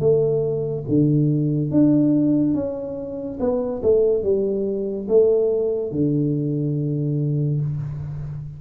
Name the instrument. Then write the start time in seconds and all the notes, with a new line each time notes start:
tuba
0.00 A3
0.88 D3
1.71 D4
2.54 C#4
3.40 B3
3.83 A3
4.23 G3
5.08 A3
5.92 D3